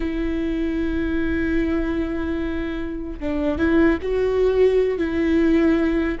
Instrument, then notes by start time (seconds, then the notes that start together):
viola
0.00 E4
3.20 D4
3.58 E4
4.02 F#4
4.98 E4